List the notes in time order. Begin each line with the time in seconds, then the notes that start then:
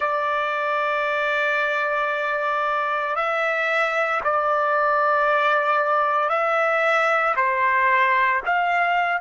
0.00 D5
3.15 E5
4.23 D5
6.29 E5
7.35 C5
8.45 F5